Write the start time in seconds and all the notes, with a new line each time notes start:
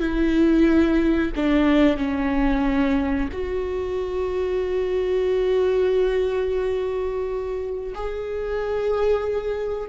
0.00 E4
1.36 D4
1.97 C#4
3.33 F#4
7.95 G#4